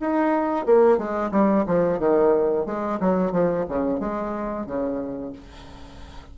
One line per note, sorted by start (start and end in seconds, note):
0.00 0.66 D#4
0.66 0.98 A#3
0.98 1.31 G#3
1.32 1.65 G3
1.67 1.99 F3
1.99 2.66 D#3
2.66 2.99 G#3
3.00 3.32 F#3
3.32 3.65 F3
3.68 4.00 C#3
4.00 4.66 G#3
4.66 5.33 C#3